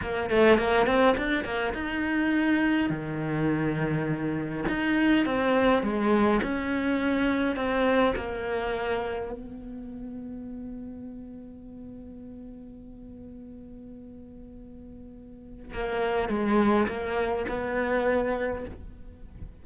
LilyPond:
\new Staff \with { instrumentName = "cello" } { \time 4/4 \tempo 4 = 103 ais8 a8 ais8 c'8 d'8 ais8 dis'4~ | dis'4 dis2. | dis'4 c'4 gis4 cis'4~ | cis'4 c'4 ais2 |
b1~ | b1~ | b2. ais4 | gis4 ais4 b2 | }